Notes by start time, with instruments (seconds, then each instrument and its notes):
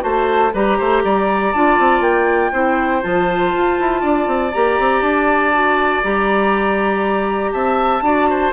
0.00 bassoon A3, clarinet F#4, oboe C5, flute A5
0.53 bassoon G3, clarinet G4, oboe B4, flute A#5
0.77 bassoon A3, oboe C5
1.04 bassoon G3, oboe D5
1.52 bassoon D4, clarinet F4, flute A5
1.79 bassoon C4
2.00 bassoon A#3, flute G5
2.52 bassoon C4, clarinet E4, oboe C5
3.01 bassoon F3, clarinet F4, flute A5
3.53 bassoon F4
3.79 bassoon E4
4.01 bassoon D4, oboe D5
4.27 bassoon C4
4.52 bassoon A#3, clarinet G4, flute A#5
4.79 bassoon C4
5.01 bassoon D4, flute A5
5.53 clarinet F#4
6.03 bassoon G3, clarinet G4, flute A#5
7.52 bassoon C4, oboe E5, flute A5
8.01 bassoon D4, clarinet F#4, oboe D5
8.30 oboe C5